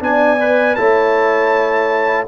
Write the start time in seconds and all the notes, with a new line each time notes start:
0.00 B3 D4 D5 G#5
0.40 B4
0.75 A3 E4 C#5 A5